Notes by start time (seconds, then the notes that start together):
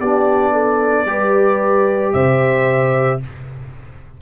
0.00 B3 D4 G4 D5
0.53 A4
1.06 G3 G4 B4
2.13 C3 C5 E5